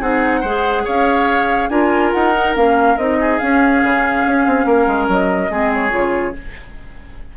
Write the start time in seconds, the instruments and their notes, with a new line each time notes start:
0.00 bassoon C4, clarinet D#4, oboe G#4, flute F#5
0.40 bassoon G#3, clarinet G#4, oboe C5
0.85 bassoon C#4, oboe C#5, flute F5
1.69 bassoon D4, clarinet F4, oboe A#4, flute G#5
2.12 bassoon D#4, flute F#5
2.35 clarinet D#4
2.55 bassoon A#3, clarinet C#4, flute F5
2.97 bassoon C4, clarinet D#4, flute D#5
3.20 oboe G#4
3.39 clarinet C#4, bassoon C#4, flute F5
3.83 bassoon C#3
4.26 bassoon C#4
4.47 bassoon C4
4.65 bassoon A#3, oboe A#4
4.87 bassoon G#3
5.08 bassoon F#3, flute D#5
5.50 bassoon G#3, clarinet C4, oboe G#4
5.74 flute C#5
5.90 bassoon C#3, clarinet F4